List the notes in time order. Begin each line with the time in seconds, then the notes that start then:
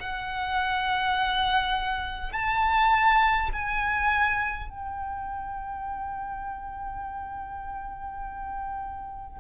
0.00 F#5
2.33 A5
3.53 G#5
4.70 G5